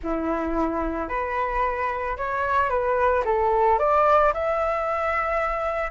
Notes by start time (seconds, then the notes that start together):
0.03 E4
1.08 B4
2.17 C#5
2.69 B4
3.24 A4
3.78 D5
4.33 E5